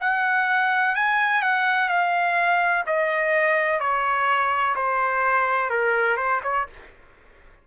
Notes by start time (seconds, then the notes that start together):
0.00 F#5
0.95 G#5
1.42 F#5
1.88 F5
2.86 D#5
3.80 C#5
4.75 C5
5.70 A#4
6.16 C5
6.43 C#5